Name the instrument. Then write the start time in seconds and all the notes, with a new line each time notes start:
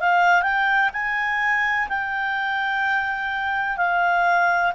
clarinet
0.00 F5
0.42 G5
0.93 G#5
1.88 G5
3.77 F5